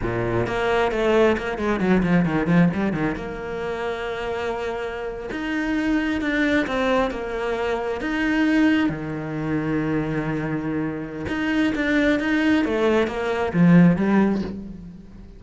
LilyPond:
\new Staff \with { instrumentName = "cello" } { \time 4/4 \tempo 4 = 133 ais,4 ais4 a4 ais8 gis8 | fis8 f8 dis8 f8 g8 dis8 ais4~ | ais2.~ ais8. dis'16~ | dis'4.~ dis'16 d'4 c'4 ais16~ |
ais4.~ ais16 dis'2 dis16~ | dis1~ | dis4 dis'4 d'4 dis'4 | a4 ais4 f4 g4 | }